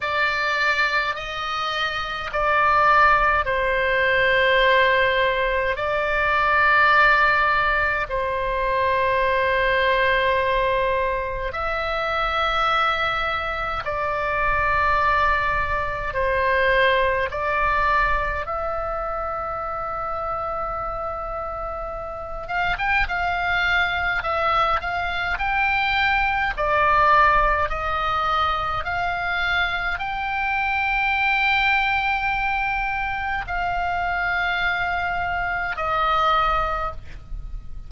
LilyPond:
\new Staff \with { instrumentName = "oboe" } { \time 4/4 \tempo 4 = 52 d''4 dis''4 d''4 c''4~ | c''4 d''2 c''4~ | c''2 e''2 | d''2 c''4 d''4 |
e''2.~ e''8 f''16 g''16 | f''4 e''8 f''8 g''4 d''4 | dis''4 f''4 g''2~ | g''4 f''2 dis''4 | }